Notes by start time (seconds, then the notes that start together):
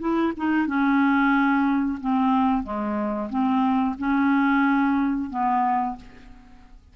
0.00 E4
0.37 D#4
0.67 C#4
2.01 C4
2.63 G#3
3.30 C4
3.99 C#4
5.30 B3